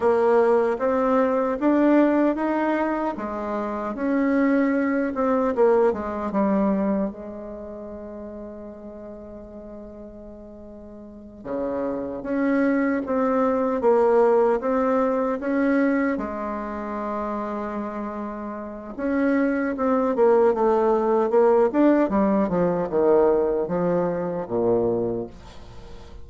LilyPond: \new Staff \with { instrumentName = "bassoon" } { \time 4/4 \tempo 4 = 76 ais4 c'4 d'4 dis'4 | gis4 cis'4. c'8 ais8 gis8 | g4 gis2.~ | gis2~ gis8 cis4 cis'8~ |
cis'8 c'4 ais4 c'4 cis'8~ | cis'8 gis2.~ gis8 | cis'4 c'8 ais8 a4 ais8 d'8 | g8 f8 dis4 f4 ais,4 | }